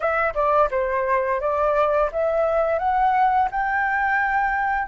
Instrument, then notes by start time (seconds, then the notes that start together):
flute
0.00 E5
0.34 D5
0.70 C5
1.40 D5
2.12 E5
2.78 F#5
3.51 G5